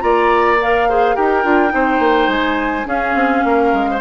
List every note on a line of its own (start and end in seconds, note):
0.00 1.17 A#3
0.00 0.57 F4
0.00 0.89 D5
0.00 0.58 A#5
0.61 0.90 A#4
0.61 1.16 F5
0.89 1.15 G#4
0.89 1.16 C5
1.15 1.44 D#4
1.15 1.44 G4
1.15 1.73 A#4
1.15 2.30 G5
1.44 1.73 D4
1.44 1.69 F4
1.69 1.99 C4
1.69 2.83 D#4
1.69 2.87 C5
1.99 2.28 A#3
2.28 2.85 G#3
2.28 2.87 G#5
2.85 4.00 C#4
2.85 3.15 C#4
2.85 3.44 G#4
2.85 4.01 F5
3.15 3.43 C4
3.45 3.73 A#3
3.45 3.91 A#4
3.73 4.01 G#3
3.91 4.01 C5